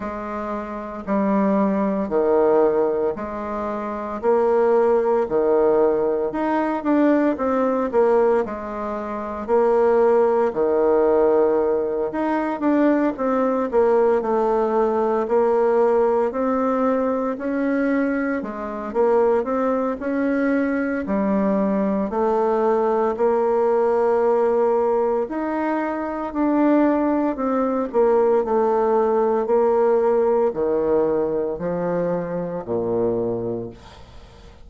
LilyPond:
\new Staff \with { instrumentName = "bassoon" } { \time 4/4 \tempo 4 = 57 gis4 g4 dis4 gis4 | ais4 dis4 dis'8 d'8 c'8 ais8 | gis4 ais4 dis4. dis'8 | d'8 c'8 ais8 a4 ais4 c'8~ |
c'8 cis'4 gis8 ais8 c'8 cis'4 | g4 a4 ais2 | dis'4 d'4 c'8 ais8 a4 | ais4 dis4 f4 ais,4 | }